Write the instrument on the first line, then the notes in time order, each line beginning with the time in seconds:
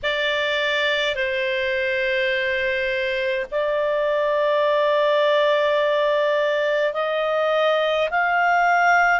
clarinet
0.03 D5
1.15 C5
3.51 D5
6.93 D#5
8.10 F5